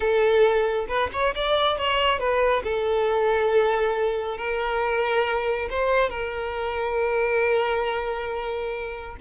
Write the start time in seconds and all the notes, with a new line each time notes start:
0.00 A4
0.88 B4
1.12 C#5
1.35 D5
1.77 C#5
2.19 B4
2.63 A4
4.37 A#4
5.70 C5
6.09 A#4